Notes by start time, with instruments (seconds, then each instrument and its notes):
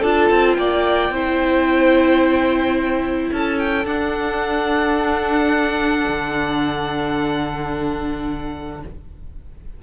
0.00 cello D4, viola F4, violin A4 A5
0.31 cello C4
0.54 cello A#3, violin D5 G5
1.10 cello C4, viola E4, violin C5
3.32 cello C#4, violin A4 A5
3.59 violin G5
3.85 cello D4, viola D4, violin F#5
6.08 cello D3